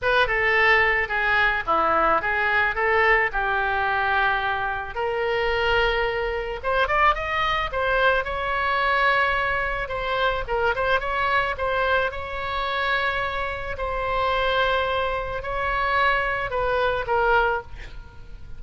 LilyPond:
\new Staff \with { instrumentName = "oboe" } { \time 4/4 \tempo 4 = 109 b'8 a'4. gis'4 e'4 | gis'4 a'4 g'2~ | g'4 ais'2. | c''8 d''8 dis''4 c''4 cis''4~ |
cis''2 c''4 ais'8 c''8 | cis''4 c''4 cis''2~ | cis''4 c''2. | cis''2 b'4 ais'4 | }